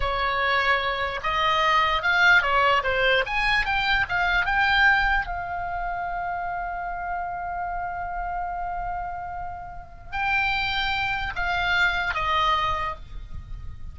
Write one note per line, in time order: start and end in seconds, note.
0.00 1.20 C#5
1.23 2.02 D#5
2.02 2.41 F5
2.41 2.82 C#5
2.83 3.24 C5
3.25 3.65 G#5
3.65 4.06 G5
4.09 4.45 F5
4.45 5.26 G5
5.26 10.11 F5
10.11 11.33 G5
11.35 12.14 F5
12.14 12.95 D#5